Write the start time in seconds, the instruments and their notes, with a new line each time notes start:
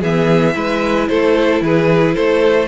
0.00 cello E3, viola B3, violin G#4 E5
0.54 cello G#3, viola E4, violin B4
1.08 cello A3, violin A4 C5
1.61 cello E3, violin G#4 B4
2.15 cello A3, violin A4 C5